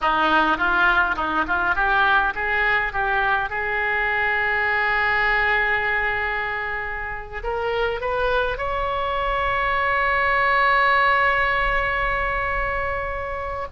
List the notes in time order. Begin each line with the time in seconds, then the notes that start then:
0.01 D#4
0.57 F4
1.15 D#4
1.47 F4
1.75 G4
2.35 G#4
2.92 G4
3.49 G#4
7.43 A#4
8.00 B4
8.57 C#5